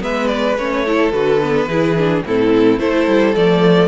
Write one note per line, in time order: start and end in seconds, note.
0.00 0.58 G#3
0.00 0.56 B3
0.00 0.85 B4
0.00 0.27 E5
0.27 0.55 D5
0.58 1.12 A3
0.58 0.86 C#4
0.58 1.11 C#5
0.85 1.12 E4
0.85 1.69 A4
1.11 1.67 D3
1.11 1.40 F#4
1.11 2.22 B4
1.42 1.70 B3
1.67 2.22 E3
1.67 1.97 E4
1.67 2.24 G#4
1.97 2.25 D4
2.25 2.79 A2
2.25 2.79 C4
2.25 2.81 E4
2.25 2.79 A4
2.79 3.07 A3
2.79 3.35 E4
2.79 3.88 A4
2.79 3.35 C5
3.07 3.35 G3
3.35 3.88 F3
3.35 3.88 A3
3.35 3.88 D5